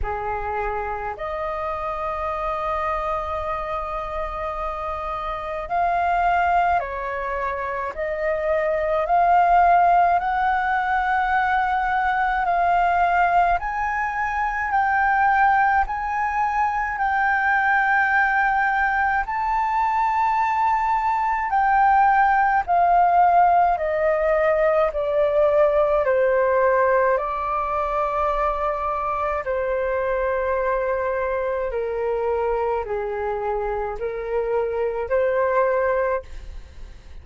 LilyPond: \new Staff \with { instrumentName = "flute" } { \time 4/4 \tempo 4 = 53 gis'4 dis''2.~ | dis''4 f''4 cis''4 dis''4 | f''4 fis''2 f''4 | gis''4 g''4 gis''4 g''4~ |
g''4 a''2 g''4 | f''4 dis''4 d''4 c''4 | d''2 c''2 | ais'4 gis'4 ais'4 c''4 | }